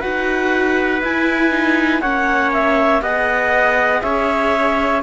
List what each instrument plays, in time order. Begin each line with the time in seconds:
0.00 cello D#4, viola F#4, trumpet B4, clarinet F#5
1.01 cello E4, viola E4, clarinet G#5
1.51 viola D#4
2.00 cello A#3, viola C#4, trumpet C#5, clarinet F#5
2.52 clarinet E5
3.01 cello B3, viola G#4, trumpet D#5, clarinet F#5
4.01 cello C#4, trumpet C#5, clarinet E5